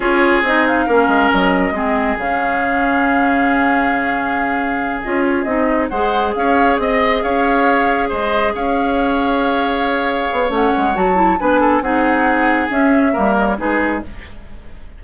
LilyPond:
<<
  \new Staff \with { instrumentName = "flute" } { \time 4/4 \tempo 4 = 137 cis''4 dis''8 f''4. dis''4~ | dis''4 f''2.~ | f''2.~ f''8 dis''8 | cis''8 dis''4 fis''4 f''4 dis''8~ |
dis''8 f''2 dis''4 f''8~ | f''1 | fis''4 a''4 gis''4 fis''4~ | fis''4 e''4. dis''16 cis''16 b'4 | }
  \new Staff \with { instrumentName = "oboe" } { \time 4/4 gis'2 ais'2 | gis'1~ | gis'1~ | gis'4. c''4 cis''4 dis''8~ |
dis''8 cis''2 c''4 cis''8~ | cis''1~ | cis''2 b'8 a'8 gis'4~ | gis'2 ais'4 gis'4 | }
  \new Staff \with { instrumentName = "clarinet" } { \time 4/4 f'4 dis'4 cis'2 | c'4 cis'2.~ | cis'2.~ cis'8 f'8~ | f'8 dis'4 gis'2~ gis'8~ |
gis'1~ | gis'1 | cis'4 fis'8 e'8 d'4 dis'4~ | dis'4 cis'4 ais4 dis'4 | }
  \new Staff \with { instrumentName = "bassoon" } { \time 4/4 cis'4 c'4 ais8 gis8 fis4 | gis4 cis2.~ | cis2.~ cis8 cis'8~ | cis'8 c'4 gis4 cis'4 c'8~ |
c'8 cis'2 gis4 cis'8~ | cis'2.~ cis'8 b8 | a8 gis8 fis4 b4 c'4~ | c'4 cis'4 g4 gis4 | }
>>